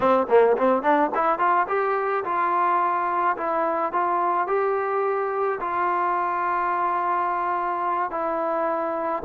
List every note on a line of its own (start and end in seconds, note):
0.00 0.27 C4
0.28 0.56 A#3
0.57 0.82 C4
0.82 1.10 D4
1.14 1.38 E4
1.38 1.66 F4
1.68 2.24 G4
2.24 3.36 F4
3.36 3.92 E4
3.92 4.47 F4
4.47 5.59 G4
5.60 8.10 F4
8.10 9.22 E4